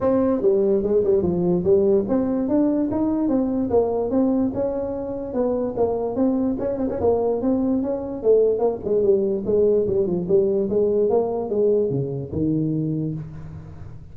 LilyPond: \new Staff \with { instrumentName = "tuba" } { \time 4/4 \tempo 4 = 146 c'4 g4 gis8 g8 f4 | g4 c'4 d'4 dis'4 | c'4 ais4 c'4 cis'4~ | cis'4 b4 ais4 c'4 |
cis'8 c'16 cis'16 ais4 c'4 cis'4 | a4 ais8 gis8 g4 gis4 | g8 f8 g4 gis4 ais4 | gis4 cis4 dis2 | }